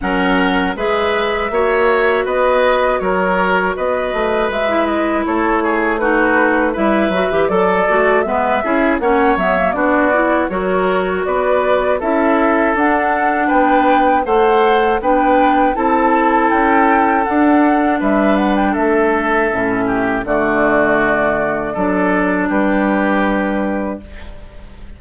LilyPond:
<<
  \new Staff \with { instrumentName = "flute" } { \time 4/4 \tempo 4 = 80 fis''4 e''2 dis''4 | cis''4 dis''4 e''8 dis''8 cis''4 | b'4 e''4 d''4 e''4 | fis''8 e''8 d''4 cis''4 d''4 |
e''4 fis''4 g''4 fis''4 | g''4 a''4 g''4 fis''4 | e''8 fis''16 g''16 e''2 d''4~ | d''2 b'2 | }
  \new Staff \with { instrumentName = "oboe" } { \time 4/4 ais'4 b'4 cis''4 b'4 | ais'4 b'2 a'8 gis'8 | fis'4 b'4 a'4 b'8 gis'8 | cis''4 fis'4 ais'4 b'4 |
a'2 b'4 c''4 | b'4 a'2. | b'4 a'4. g'8 fis'4~ | fis'4 a'4 g'2 | }
  \new Staff \with { instrumentName = "clarinet" } { \time 4/4 cis'4 gis'4 fis'2~ | fis'2~ fis'16 e'4.~ e'16 | dis'4 e'8 fis'16 g'16 a'8 fis'8 b8 e'8 | cis'8 b16 ais16 d'8 e'8 fis'2 |
e'4 d'2 a'4 | d'4 e'2 d'4~ | d'2 cis'4 a4~ | a4 d'2. | }
  \new Staff \with { instrumentName = "bassoon" } { \time 4/4 fis4 gis4 ais4 b4 | fis4 b8 a8 gis4 a4~ | a4 g8 fis16 e16 fis8 a8 gis8 cis'8 | ais8 fis8 b4 fis4 b4 |
cis'4 d'4 b4 a4 | b4 c'4 cis'4 d'4 | g4 a4 a,4 d4~ | d4 fis4 g2 | }
>>